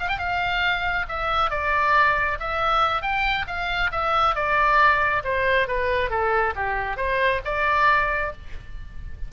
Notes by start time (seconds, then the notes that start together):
0.00 F5
0.09 G5
0.19 F5
1.09 E5
1.51 D5
2.40 E5
3.02 G5
3.47 F5
3.92 E5
4.35 D5
5.24 C5
5.68 B4
6.10 A4
6.56 G4
6.97 C5
7.45 D5